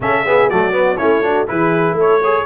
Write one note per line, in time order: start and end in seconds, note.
0.00 0.49 C#3
0.00 0.25 C#4
0.00 0.26 A4
0.00 0.49 E5
0.25 0.50 B3
0.25 0.49 G#4
0.49 1.00 F#3
0.49 0.72 A3
0.49 0.98 F#4
0.49 0.97 D5
0.72 0.96 B3
0.97 1.49 A3
0.97 1.22 C#4
0.97 1.22 E4
0.97 1.46 C#5
1.22 1.47 D4
1.22 1.47 F#4
1.47 1.93 E3
1.47 2.21 E4
1.47 1.97 G#4
1.47 1.97 B4
1.93 2.42 A3
1.93 2.21 A4
2.00 2.45 C#5
2.21 2.45 G#4
2.21 2.45 C#5